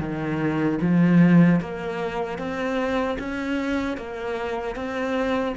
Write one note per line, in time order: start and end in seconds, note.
0.00 0.79 D#3
0.81 1.60 F3
1.60 2.39 A#3
2.39 3.18 C4
3.19 3.97 C#4
3.97 4.76 A#3
4.76 5.55 C4